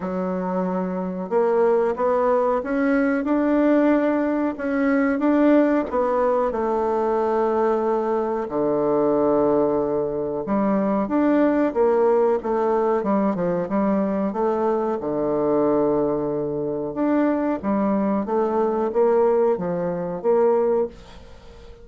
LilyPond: \new Staff \with { instrumentName = "bassoon" } { \time 4/4 \tempo 4 = 92 fis2 ais4 b4 | cis'4 d'2 cis'4 | d'4 b4 a2~ | a4 d2. |
g4 d'4 ais4 a4 | g8 f8 g4 a4 d4~ | d2 d'4 g4 | a4 ais4 f4 ais4 | }